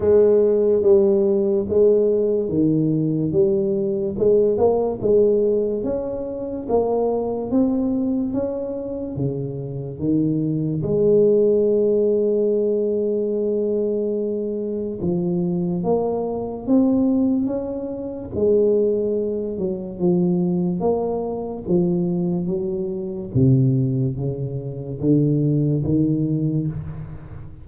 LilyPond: \new Staff \with { instrumentName = "tuba" } { \time 4/4 \tempo 4 = 72 gis4 g4 gis4 dis4 | g4 gis8 ais8 gis4 cis'4 | ais4 c'4 cis'4 cis4 | dis4 gis2.~ |
gis2 f4 ais4 | c'4 cis'4 gis4. fis8 | f4 ais4 f4 fis4 | c4 cis4 d4 dis4 | }